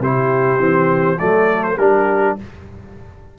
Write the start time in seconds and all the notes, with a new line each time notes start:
0.00 C3 E4 G4 C5
0.59 E3 C4
1.19 F#3 A3 A4 D5
1.63 C5
1.78 G3 D4 G4 A#4